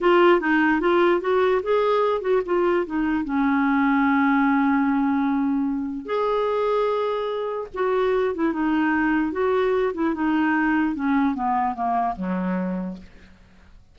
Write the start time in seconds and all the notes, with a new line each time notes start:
0.00 F4
0.40 D#4
0.80 F4
1.21 F#4
1.62 G#4
2.21 F#4
2.45 F4
2.86 D#4
3.24 C#4
6.05 G#4
7.74 F#4
8.35 E4
8.52 D#4
9.32 F#4
9.94 E4
10.14 D#4
10.95 C#4
11.34 B3
11.74 A#3
12.15 F#3